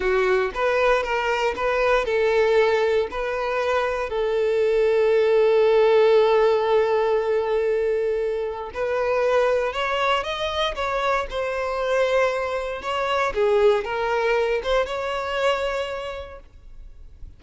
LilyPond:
\new Staff \with { instrumentName = "violin" } { \time 4/4 \tempo 4 = 117 fis'4 b'4 ais'4 b'4 | a'2 b'2 | a'1~ | a'1~ |
a'4 b'2 cis''4 | dis''4 cis''4 c''2~ | c''4 cis''4 gis'4 ais'4~ | ais'8 c''8 cis''2. | }